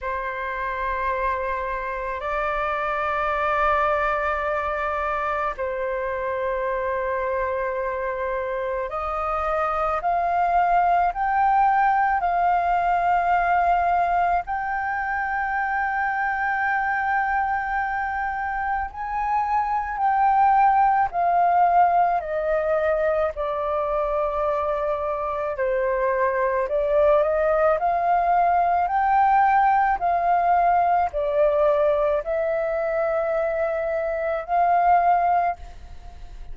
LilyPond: \new Staff \with { instrumentName = "flute" } { \time 4/4 \tempo 4 = 54 c''2 d''2~ | d''4 c''2. | dis''4 f''4 g''4 f''4~ | f''4 g''2.~ |
g''4 gis''4 g''4 f''4 | dis''4 d''2 c''4 | d''8 dis''8 f''4 g''4 f''4 | d''4 e''2 f''4 | }